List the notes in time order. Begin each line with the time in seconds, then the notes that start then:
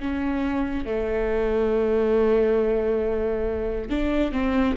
0.00 C#4
0.86 A3
3.90 D4
4.32 C4